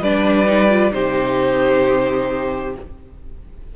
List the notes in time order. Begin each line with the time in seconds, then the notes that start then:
0.00 G3 D4 B4 D5
0.46 D#4
0.69 F4
0.92 C3 D#4 G4 C5